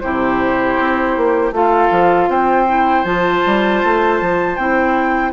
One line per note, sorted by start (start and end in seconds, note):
0.00 0.79 C3
0.00 1.53 E4
0.00 1.54 G4
0.00 1.52 C5
0.79 1.16 C4
1.16 1.51 A#3
1.51 1.89 A3
1.51 2.67 F4
1.51 2.30 A4
1.51 2.30 F5
1.91 2.28 F3
2.28 3.04 C4
2.28 5.33 C5
2.28 3.04 G5
2.67 3.05 E4
3.04 3.42 F3
3.04 4.57 F4
3.04 4.56 A5
3.46 3.84 G3
3.84 4.21 A3
4.21 4.57 F3
4.56 5.33 C4
4.56 5.33 E4
4.56 5.32 G5